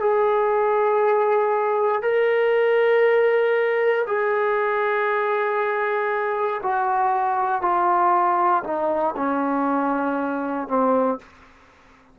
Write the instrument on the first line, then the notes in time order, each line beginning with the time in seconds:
trombone
0.00 G#4
2.02 A#4
4.07 G#4
6.63 F#4
7.62 F4
8.64 D#4
9.16 C#4
10.68 C4